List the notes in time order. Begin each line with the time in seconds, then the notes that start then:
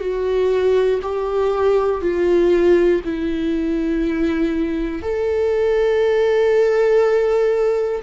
0.00 F#4
1.02 G4
2.01 F4
3.04 E4
5.02 A4